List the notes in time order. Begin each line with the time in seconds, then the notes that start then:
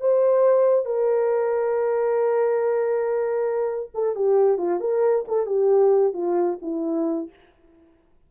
0.00 C5
0.85 A#4
3.94 A4
4.15 G4
4.58 F4
4.80 A#4
5.28 A4
5.46 G4
6.13 F4
6.61 E4